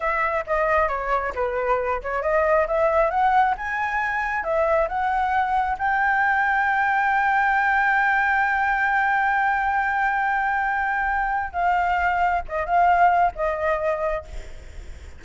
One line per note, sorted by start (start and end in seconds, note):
0.00 0.44 E5
0.47 0.88 D#5
0.88 1.33 C#5
1.35 2.01 B4
2.02 2.22 C#5
2.22 2.66 D#5
2.67 3.10 E5
3.10 3.54 F#5
3.57 4.43 G#5
4.43 4.88 E5
4.88 5.77 F#5
5.78 11.52 G5
11.52 12.41 F5
12.48 12.65 D#5
12.65 13.32 F5
13.35 14.24 D#5